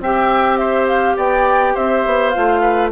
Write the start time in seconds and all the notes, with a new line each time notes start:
0.00 C4 G4 E5 G5
0.57 C5 E5
0.88 F5
1.17 B3 D5 G5
1.74 C4 C5 E5
2.06 B3
2.30 F4 F5
2.37 A3
2.62 B4